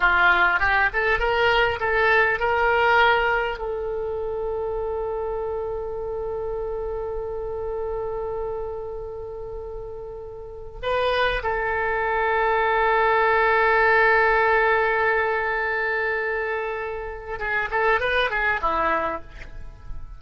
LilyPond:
\new Staff \with { instrumentName = "oboe" } { \time 4/4 \tempo 4 = 100 f'4 g'8 a'8 ais'4 a'4 | ais'2 a'2~ | a'1~ | a'1~ |
a'2 b'4 a'4~ | a'1~ | a'1~ | a'4 gis'8 a'8 b'8 gis'8 e'4 | }